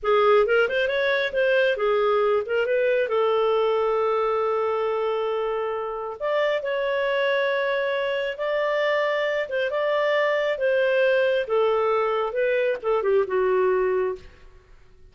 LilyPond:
\new Staff \with { instrumentName = "clarinet" } { \time 4/4 \tempo 4 = 136 gis'4 ais'8 c''8 cis''4 c''4 | gis'4. ais'8 b'4 a'4~ | a'1~ | a'2 d''4 cis''4~ |
cis''2. d''4~ | d''4. c''8 d''2 | c''2 a'2 | b'4 a'8 g'8 fis'2 | }